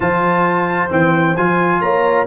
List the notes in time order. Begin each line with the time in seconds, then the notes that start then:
0.00 F3 F4 C5 A5
0.89 E3 C4 G5
1.36 F3 F4 G#5
1.81 A#3 C#5 A#5